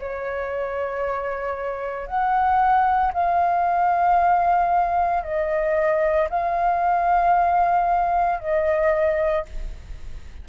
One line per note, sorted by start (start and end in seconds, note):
0.00 2.07 C#5
2.07 3.12 F#5
3.13 5.23 F5
5.23 6.29 D#5
6.30 8.40 F5
8.40 9.45 D#5